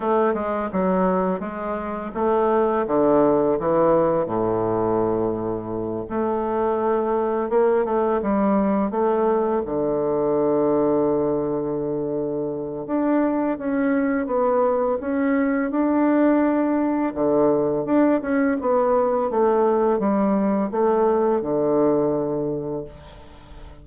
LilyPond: \new Staff \with { instrumentName = "bassoon" } { \time 4/4 \tempo 4 = 84 a8 gis8 fis4 gis4 a4 | d4 e4 a,2~ | a,8 a2 ais8 a8 g8~ | g8 a4 d2~ d8~ |
d2 d'4 cis'4 | b4 cis'4 d'2 | d4 d'8 cis'8 b4 a4 | g4 a4 d2 | }